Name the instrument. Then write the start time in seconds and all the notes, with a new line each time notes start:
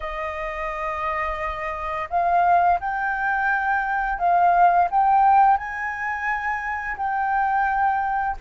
flute
0.00 D#5
2.09 F5
2.80 G5
4.18 F5
4.90 G5
5.57 G#5
6.97 G5